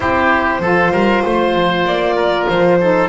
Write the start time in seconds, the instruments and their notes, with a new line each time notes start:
0.00 double bass C4, saxophone E4, oboe G4, violin C5
0.59 double bass F3, saxophone F4, oboe A4
0.91 double bass G3, oboe A#4
1.25 double bass A3, oboe C5
1.55 double bass F3
1.85 double bass A#3, violin D5
2.15 oboe A#4
2.48 double bass F3, violin C5
2.80 saxophone D#4, oboe A4